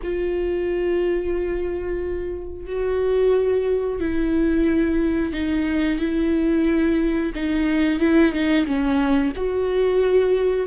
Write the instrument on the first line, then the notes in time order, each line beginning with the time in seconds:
viola
0.02 F4
2.66 F#4
4.00 E4
5.32 D#4
5.98 E4
7.34 D#4
7.99 E4
8.32 D#4
8.65 C#4
9.35 F#4